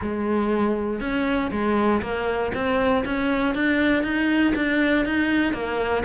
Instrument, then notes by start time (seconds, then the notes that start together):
cello
0.01 G#3
1.00 C#4
1.51 G#3
2.02 A#3
2.53 C4
3.05 C#4
3.54 D4
4.03 D#4
4.55 D4
5.05 D#4
5.53 A#3